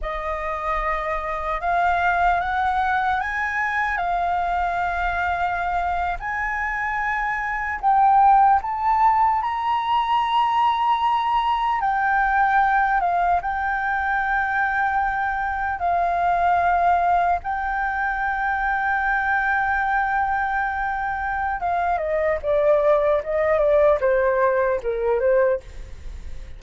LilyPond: \new Staff \with { instrumentName = "flute" } { \time 4/4 \tempo 4 = 75 dis''2 f''4 fis''4 | gis''4 f''2~ f''8. gis''16~ | gis''4.~ gis''16 g''4 a''4 ais''16~ | ais''2~ ais''8. g''4~ g''16~ |
g''16 f''8 g''2. f''16~ | f''4.~ f''16 g''2~ g''16~ | g''2. f''8 dis''8 | d''4 dis''8 d''8 c''4 ais'8 c''8 | }